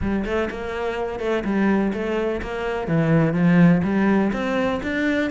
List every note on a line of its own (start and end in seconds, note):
0.01 0.25 G3
0.25 0.49 A3
0.50 1.19 A#3
1.19 1.43 A3
1.44 1.92 G3
1.93 2.41 A3
2.42 2.87 A#3
2.87 3.33 E3
3.33 3.81 F3
3.83 4.31 G3
4.32 4.80 C4
4.82 5.30 D4